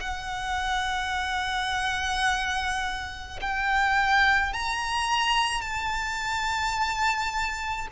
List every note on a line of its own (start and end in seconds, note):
0.00 3.40 F#5
3.41 4.53 G5
4.53 5.61 A#5
5.61 7.88 A5